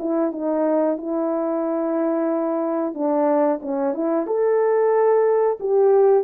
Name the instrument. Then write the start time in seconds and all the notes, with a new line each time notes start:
horn
0.00 E4
0.32 D#4
0.98 E4
2.94 D4
3.63 C#4
3.95 E4
4.27 A4
5.60 G4